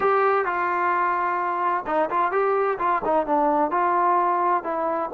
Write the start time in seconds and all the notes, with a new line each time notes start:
0.00 G4
0.45 F4
1.86 D#4
2.10 F4
2.31 G4
2.78 F4
3.04 D#4
3.26 D4
3.70 F4
4.63 E4